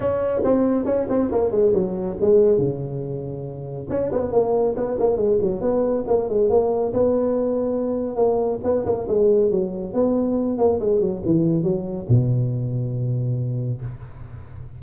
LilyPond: \new Staff \with { instrumentName = "tuba" } { \time 4/4 \tempo 4 = 139 cis'4 c'4 cis'8 c'8 ais8 gis8 | fis4 gis4 cis2~ | cis4 cis'8 b8 ais4 b8 ais8 | gis8 fis8 b4 ais8 gis8 ais4 |
b2. ais4 | b8 ais8 gis4 fis4 b4~ | b8 ais8 gis8 fis8 e4 fis4 | b,1 | }